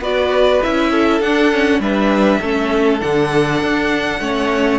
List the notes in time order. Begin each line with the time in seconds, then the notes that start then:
0.00 B3 F#4 B4 D5
0.62 C#4 E4 E5
0.91 A4
1.20 D4 F#5
1.52 C#4
1.79 G3 D4 B4 E5
2.41 A3 C#4 A4
3.00 D3 D4 F#5
3.62 D4
4.20 A3 C#4 C#5